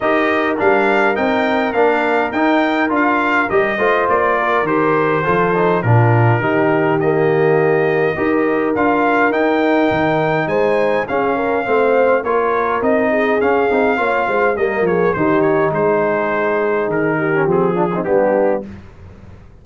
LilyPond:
<<
  \new Staff \with { instrumentName = "trumpet" } { \time 4/4 \tempo 4 = 103 dis''4 f''4 g''4 f''4 | g''4 f''4 dis''4 d''4 | c''2 ais'2 | dis''2. f''4 |
g''2 gis''4 f''4~ | f''4 cis''4 dis''4 f''4~ | f''4 dis''8 cis''8 c''8 cis''8 c''4~ | c''4 ais'4 gis'4 g'4 | }
  \new Staff \with { instrumentName = "horn" } { \time 4/4 ais'1~ | ais'2~ ais'8 c''4 ais'8~ | ais'4 a'4 f'4 g'4~ | g'2 ais'2~ |
ais'2 c''4 gis'8 ais'8 | c''4 ais'4. gis'4. | cis''8 c''8 ais'8 gis'8 g'4 gis'4~ | gis'4. g'4 f'16 dis'16 d'4 | }
  \new Staff \with { instrumentName = "trombone" } { \time 4/4 g'4 d'4 dis'4 d'4 | dis'4 f'4 g'8 f'4. | g'4 f'8 dis'8 d'4 dis'4 | ais2 g'4 f'4 |
dis'2. cis'4 | c'4 f'4 dis'4 cis'8 dis'8 | f'4 ais4 dis'2~ | dis'4.~ dis'16 cis'16 c'8 d'16 c'16 b4 | }
  \new Staff \with { instrumentName = "tuba" } { \time 4/4 dis'4 g4 c'4 ais4 | dis'4 d'4 g8 a8 ais4 | dis4 f4 ais,4 dis4~ | dis2 dis'4 d'4 |
dis'4 dis4 gis4 cis'4 | a4 ais4 c'4 cis'8 c'8 | ais8 gis8 g8 f8 dis4 gis4~ | gis4 dis4 f4 g4 | }
>>